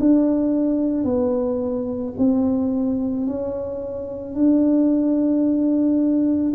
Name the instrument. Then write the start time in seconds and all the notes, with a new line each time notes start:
tuba
0.00 D4
1.05 B3
2.18 C4
3.27 C#4
4.35 D4